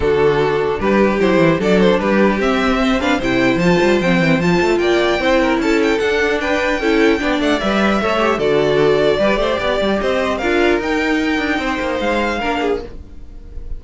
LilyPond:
<<
  \new Staff \with { instrumentName = "violin" } { \time 4/4 \tempo 4 = 150 a'2 b'4 c''4 | d''8 c''8 b'4 e''4. f''8 | g''4 a''4 g''4 a''4 | g''2 a''8 g''8 fis''4 |
g''2~ g''8 fis''8 e''4~ | e''4 d''2.~ | d''4 dis''4 f''4 g''4~ | g''2 f''2 | }
  \new Staff \with { instrumentName = "violin" } { \time 4/4 fis'2 g'2 | a'4 g'2 c''8 b'8 | c''1 | d''4 c''8 ais'8 a'2 |
b'4 a'4 d''2 | cis''4 a'2 b'8 c''8 | d''4 c''4 ais'2~ | ais'4 c''2 ais'8 gis'8 | }
  \new Staff \with { instrumentName = "viola" } { \time 4/4 d'2. e'4 | d'2 c'4. d'8 | e'4 f'4 c'4 f'4~ | f'4 e'2 d'4~ |
d'4 e'4 d'4 b'4 | a'8 g'8 fis'2 g'4~ | g'2 f'4 dis'4~ | dis'2. d'4 | }
  \new Staff \with { instrumentName = "cello" } { \time 4/4 d2 g4 fis8 e8 | fis4 g4 c'2 | c4 f8 g8 f8 e8 f8 a8 | ais4 c'4 cis'4 d'4~ |
d'4 cis'4 b8 a8 g4 | a4 d2 g8 a8 | b8 g8 c'4 d'4 dis'4~ | dis'8 d'8 c'8 ais8 gis4 ais4 | }
>>